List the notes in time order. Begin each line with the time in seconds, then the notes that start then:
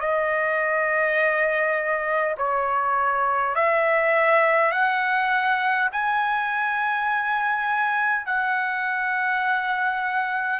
0.00 D#5
2.37 C#5
3.55 E5
4.72 F#5
5.91 G#5
8.26 F#5